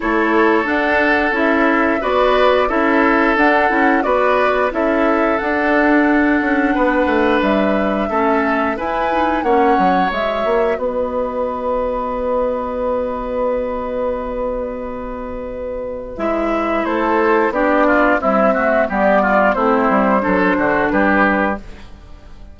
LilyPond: <<
  \new Staff \with { instrumentName = "flute" } { \time 4/4 \tempo 4 = 89 cis''4 fis''4 e''4 d''4 | e''4 fis''4 d''4 e''4 | fis''2. e''4~ | e''4 gis''4 fis''4 e''4 |
dis''1~ | dis''1 | e''4 c''4 d''4 e''4 | d''4 c''2 b'4 | }
  \new Staff \with { instrumentName = "oboe" } { \time 4/4 a'2. b'4 | a'2 b'4 a'4~ | a'2 b'2 | a'4 b'4 cis''2 |
b'1~ | b'1~ | b'4 a'4 g'8 f'8 e'8 fis'8 | g'8 f'8 e'4 a'8 fis'8 g'4 | }
  \new Staff \with { instrumentName = "clarinet" } { \time 4/4 e'4 d'4 e'4 fis'4 | e'4 d'8 e'8 fis'4 e'4 | d'1 | cis'4 e'8 dis'8 cis'4 fis'4~ |
fis'1~ | fis'1 | e'2 d'4 g8 a8 | b4 c'4 d'2 | }
  \new Staff \with { instrumentName = "bassoon" } { \time 4/4 a4 d'4 cis'4 b4 | cis'4 d'8 cis'8 b4 cis'4 | d'4. cis'8 b8 a8 g4 | a4 e'4 ais8 fis8 gis8 ais8 |
b1~ | b1 | gis4 a4 b4 c'4 | g4 a8 g8 fis8 d8 g4 | }
>>